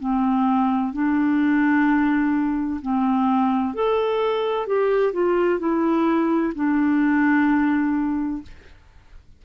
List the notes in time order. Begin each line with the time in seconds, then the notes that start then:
0.00 C4
0.93 D4
2.82 C4
3.74 A4
4.67 G4
5.13 F4
5.60 E4
6.55 D4